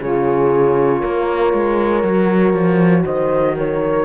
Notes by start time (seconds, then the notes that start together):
0.00 C#3 F4 G#4 C#5
1.00 A#3 A#4
1.53 G#3
2.03 F#3 F#4
2.53 F3
3.04 D#3 C5 D#5
3.57 A#4 C#5